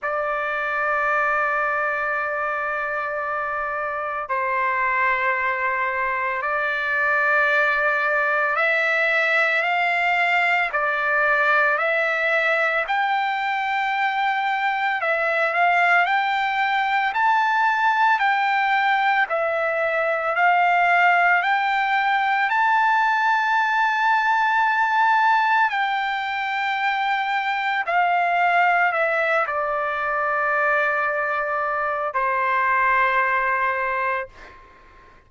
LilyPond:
\new Staff \with { instrumentName = "trumpet" } { \time 4/4 \tempo 4 = 56 d''1 | c''2 d''2 | e''4 f''4 d''4 e''4 | g''2 e''8 f''8 g''4 |
a''4 g''4 e''4 f''4 | g''4 a''2. | g''2 f''4 e''8 d''8~ | d''2 c''2 | }